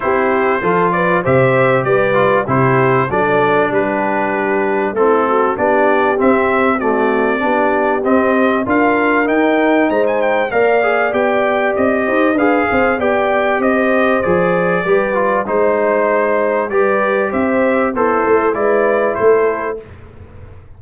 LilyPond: <<
  \new Staff \with { instrumentName = "trumpet" } { \time 4/4 \tempo 4 = 97 c''4. d''8 e''4 d''4 | c''4 d''4 b'2 | a'4 d''4 e''4 d''4~ | d''4 dis''4 f''4 g''4 |
ais''16 gis''16 g''8 f''4 g''4 dis''4 | f''4 g''4 dis''4 d''4~ | d''4 c''2 d''4 | e''4 c''4 d''4 c''4 | }
  \new Staff \with { instrumentName = "horn" } { \time 4/4 g'4 a'8 b'8 c''4 b'4 | g'4 a'4 g'2 | e'8 fis'8 g'2 fis'4 | g'2 ais'2 |
c''4 d''2~ d''8 c''8 | b'8 c''8 d''4 c''2 | b'4 c''2 b'4 | c''4 e'4 b'4 a'4 | }
  \new Staff \with { instrumentName = "trombone" } { \time 4/4 e'4 f'4 g'4. f'8 | e'4 d'2. | c'4 d'4 c'4 a4 | d'4 c'4 f'4 dis'4~ |
dis'4 ais'8 gis'8 g'2 | gis'4 g'2 gis'4 | g'8 f'8 dis'2 g'4~ | g'4 a'4 e'2 | }
  \new Staff \with { instrumentName = "tuba" } { \time 4/4 c'4 f4 c4 g4 | c4 fis4 g2 | a4 b4 c'2 | b4 c'4 d'4 dis'4 |
gis4 ais4 b4 c'8 dis'8 | d'8 c'8 b4 c'4 f4 | g4 gis2 g4 | c'4 b8 a8 gis4 a4 | }
>>